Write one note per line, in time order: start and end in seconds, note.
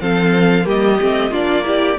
0.00 0.66 F3
0.00 0.63 C4
0.00 0.65 A4
0.00 0.66 F5
0.63 0.99 G3
0.63 0.96 A#3
0.63 1.30 G4
0.63 1.33 D#5
1.00 1.30 A3
1.00 1.31 C4
1.30 1.96 A#3
1.30 1.64 D4
1.30 1.63 F4
1.30 1.99 D5
1.64 1.97 E4
1.64 1.99 G4